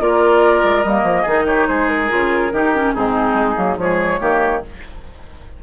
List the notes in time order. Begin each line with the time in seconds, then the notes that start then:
0.00 A#3 F4 A#4 D5
0.64 G#3
0.83 G3 A#3 D#5
1.03 F3
1.22 D#3 D#4 G#4
1.47 G4 C#5
1.67 G#3 G#4 C5
1.88 A#4
2.09 C#3 F4
2.52 D#3 D#4 G4
2.74 C#4
2.94 G#2 C4 D#4 G#4
3.34 G#3
3.55 F#3 A#3
3.77 F3 G#3 G#4 C#5
4.20 D#3 A#3 G4